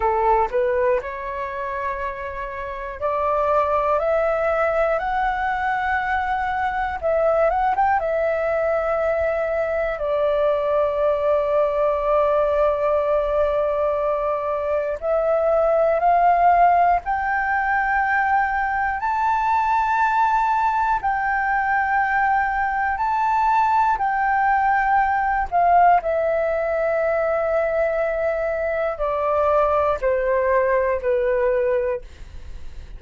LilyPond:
\new Staff \with { instrumentName = "flute" } { \time 4/4 \tempo 4 = 60 a'8 b'8 cis''2 d''4 | e''4 fis''2 e''8 fis''16 g''16 | e''2 d''2~ | d''2. e''4 |
f''4 g''2 a''4~ | a''4 g''2 a''4 | g''4. f''8 e''2~ | e''4 d''4 c''4 b'4 | }